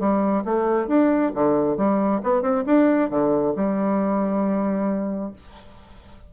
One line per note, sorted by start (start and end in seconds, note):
0.00 0.44 G3
0.45 0.88 A3
0.88 1.32 D4
1.35 1.77 D3
1.77 2.21 G3
2.23 2.42 B3
2.42 2.65 C4
2.66 3.10 D4
3.10 3.55 D3
3.56 5.33 G3